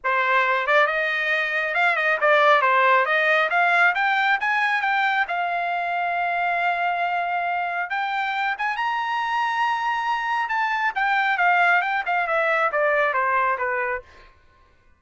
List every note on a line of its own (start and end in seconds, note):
0.04 0.66 C5
0.66 0.86 D5
0.86 1.74 D#5
1.74 1.96 F5
1.96 2.18 D#5
2.21 2.61 D5
2.61 3.05 C5
3.05 3.49 D#5
3.50 3.94 F5
3.95 4.38 G5
4.40 4.81 G#5
4.81 5.25 G5
5.28 7.90 F5
7.90 8.55 G5
8.58 8.76 G#5
8.76 10.48 A#5
10.48 10.92 A5
10.95 11.37 G5
11.37 11.81 F5
11.81 12.03 G5
12.06 12.27 F5
12.27 12.70 E5
12.71 13.13 D5
13.13 13.57 C5
13.58 14.01 B4